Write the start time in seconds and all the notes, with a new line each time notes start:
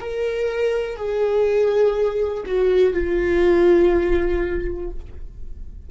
0.00 A#4
0.96 G#4
2.45 F#4
2.94 F4